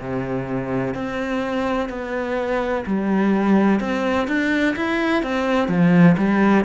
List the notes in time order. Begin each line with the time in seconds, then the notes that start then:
0.00 C3
0.95 C4
1.90 B3
2.87 G3
3.81 C4
4.28 D4
4.77 E4
5.23 C4
5.68 F3
6.18 G3